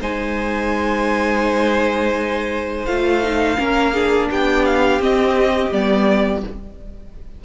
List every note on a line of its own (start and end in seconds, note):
0.00 2.86 G#3
0.00 2.87 D#4
0.00 3.57 C5
0.00 2.85 G#5
2.85 3.57 A3
2.85 3.23 F4
2.85 4.28 F5
3.23 3.57 D#4
3.57 4.30 A#3
3.57 3.93 C#4
3.57 3.93 A#4
3.93 5.00 D4
3.93 4.29 G#4
4.30 5.00 B3
4.30 6.44 G4
4.30 4.65 G5
4.65 5.01 F5
5.00 5.71 C4
5.00 5.72 D#5
5.71 6.43 G3
5.71 6.43 B3
5.71 6.44 D5